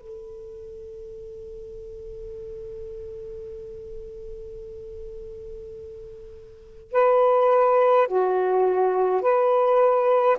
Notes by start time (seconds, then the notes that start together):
0.00 A4
6.92 B4
8.08 F#4
9.22 B4